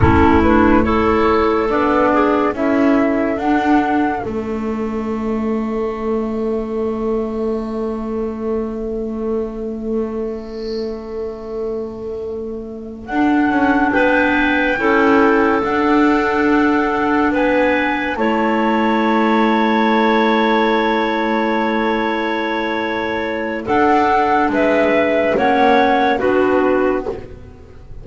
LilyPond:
<<
  \new Staff \with { instrumentName = "flute" } { \time 4/4 \tempo 4 = 71 a'8 b'8 cis''4 d''4 e''4 | fis''4 e''2.~ | e''1~ | e''2.~ e''8 fis''8~ |
fis''8 g''2 fis''4.~ | fis''8 gis''4 a''2~ a''8~ | a''1 | fis''4 e''4 fis''4 b'4 | }
  \new Staff \with { instrumentName = "clarinet" } { \time 4/4 e'4 a'4. gis'8 a'4~ | a'1~ | a'1~ | a'1~ |
a'8 b'4 a'2~ a'8~ | a'8 b'4 cis''2~ cis''8~ | cis''1 | a'4 b'4 cis''4 fis'4 | }
  \new Staff \with { instrumentName = "clarinet" } { \time 4/4 cis'8 d'8 e'4 d'4 e'4 | d'4 cis'2.~ | cis'1~ | cis'2.~ cis'8 d'8~ |
d'4. e'4 d'4.~ | d'4. e'2~ e'8~ | e'1 | d'2 cis'4 d'4 | }
  \new Staff \with { instrumentName = "double bass" } { \time 4/4 a2 b4 cis'4 | d'4 a2.~ | a1~ | a2.~ a8 d'8 |
cis'8 b4 cis'4 d'4.~ | d'8 b4 a2~ a8~ | a1 | d'4 gis4 ais4 b4 | }
>>